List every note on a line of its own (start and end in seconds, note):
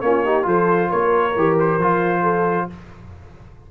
0.00 0.46 A#3
0.00 0.25 C#4
0.00 0.24 F4
0.00 0.44 C#5
0.24 0.42 D#4
0.24 0.46 G4
0.42 0.90 F3
0.42 1.31 F4
0.42 0.90 A4
0.42 0.90 C5
0.90 1.36 A#3
0.90 2.22 A#4
0.90 1.57 C#5
1.36 1.78 E3
1.36 1.81 G4
1.59 2.70 C5
1.78 2.67 F3
1.78 2.70 F4
2.22 2.66 A4